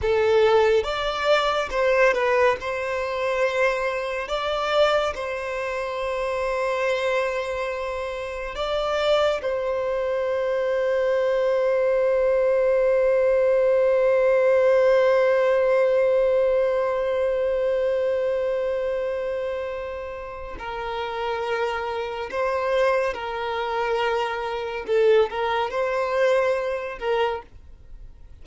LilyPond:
\new Staff \with { instrumentName = "violin" } { \time 4/4 \tempo 4 = 70 a'4 d''4 c''8 b'8 c''4~ | c''4 d''4 c''2~ | c''2 d''4 c''4~ | c''1~ |
c''1~ | c''1 | ais'2 c''4 ais'4~ | ais'4 a'8 ais'8 c''4. ais'8 | }